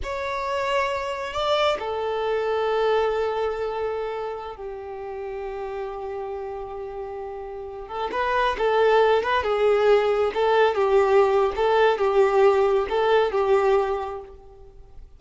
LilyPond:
\new Staff \with { instrumentName = "violin" } { \time 4/4 \tempo 4 = 135 cis''2. d''4 | a'1~ | a'2~ a'16 g'4.~ g'16~ | g'1~ |
g'4.~ g'16 a'8 b'4 a'8.~ | a'8. b'8 gis'2 a'8.~ | a'16 g'4.~ g'16 a'4 g'4~ | g'4 a'4 g'2 | }